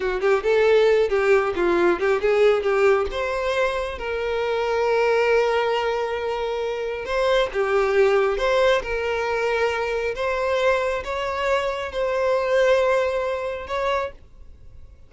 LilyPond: \new Staff \with { instrumentName = "violin" } { \time 4/4 \tempo 4 = 136 fis'8 g'8 a'4. g'4 f'8~ | f'8 g'8 gis'4 g'4 c''4~ | c''4 ais'2.~ | ais'1 |
c''4 g'2 c''4 | ais'2. c''4~ | c''4 cis''2 c''4~ | c''2. cis''4 | }